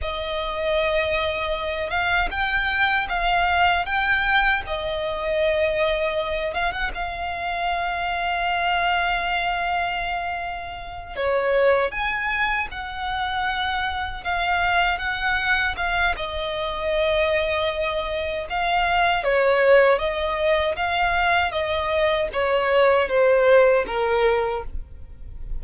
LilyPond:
\new Staff \with { instrumentName = "violin" } { \time 4/4 \tempo 4 = 78 dis''2~ dis''8 f''8 g''4 | f''4 g''4 dis''2~ | dis''8 f''16 fis''16 f''2.~ | f''2~ f''8 cis''4 gis''8~ |
gis''8 fis''2 f''4 fis''8~ | fis''8 f''8 dis''2. | f''4 cis''4 dis''4 f''4 | dis''4 cis''4 c''4 ais'4 | }